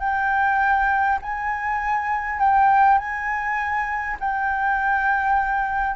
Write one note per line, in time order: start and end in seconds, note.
0.00 1.19 G5
1.22 2.40 G#5
2.40 2.98 G5
2.98 4.17 G#5
4.20 5.96 G5